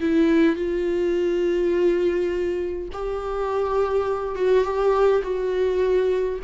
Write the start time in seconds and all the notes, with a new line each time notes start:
0.00 E4
0.55 F4
2.92 G4
4.35 F#4
4.64 G4
5.23 F#4